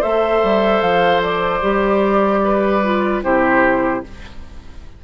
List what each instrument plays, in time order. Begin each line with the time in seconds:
0.00 bassoon A3, clarinet A4, oboe C5, flute E5
0.43 bassoon G3
0.81 bassoon F3, flute F5
1.22 flute D5
1.62 bassoon G3, clarinet G4
2.44 oboe B4
2.83 clarinet F4
3.23 bassoon C3, clarinet E4, oboe G4, flute C5